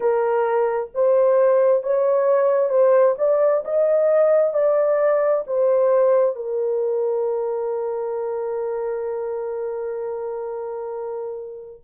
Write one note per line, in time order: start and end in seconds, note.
0.00 0.90 A#4
0.94 1.83 C5
1.83 2.69 C#5
2.69 3.15 C5
3.18 3.63 D5
3.64 4.53 D#5
4.53 5.44 D5
5.46 6.35 C5
6.35 11.81 A#4